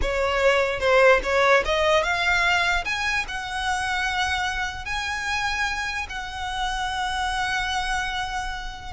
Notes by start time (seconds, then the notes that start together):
0.01 C#5
0.80 C5
1.23 C#5
1.65 D#5
2.03 F5
2.85 G#5
3.28 F#5
4.85 G#5
6.09 F#5